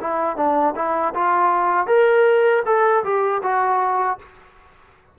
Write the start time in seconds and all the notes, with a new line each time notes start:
0.00 E4
0.36 D4
0.75 E4
1.14 F4
1.86 A#4
2.65 A4
3.03 G4
3.42 F#4